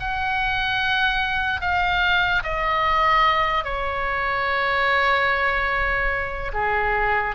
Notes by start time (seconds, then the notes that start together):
0.00 F#5
1.61 F5
2.44 D#5
3.64 C#5
6.53 G#4